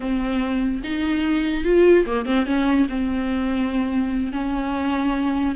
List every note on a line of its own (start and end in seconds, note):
0.00 0.81 C4
0.83 1.64 D#4
1.64 2.05 F4
2.05 2.25 A#3
2.25 2.46 C4
2.46 2.87 C#4
2.89 4.32 C4
4.32 5.55 C#4